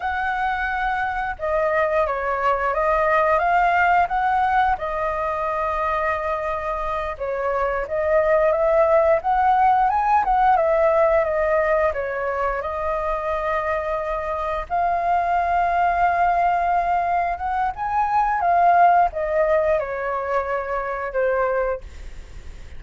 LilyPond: \new Staff \with { instrumentName = "flute" } { \time 4/4 \tempo 4 = 88 fis''2 dis''4 cis''4 | dis''4 f''4 fis''4 dis''4~ | dis''2~ dis''8 cis''4 dis''8~ | dis''8 e''4 fis''4 gis''8 fis''8 e''8~ |
e''8 dis''4 cis''4 dis''4.~ | dis''4. f''2~ f''8~ | f''4. fis''8 gis''4 f''4 | dis''4 cis''2 c''4 | }